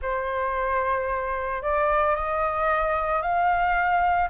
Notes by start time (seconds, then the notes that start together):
0.01 C5
1.62 D5
2.15 D#5
3.21 F5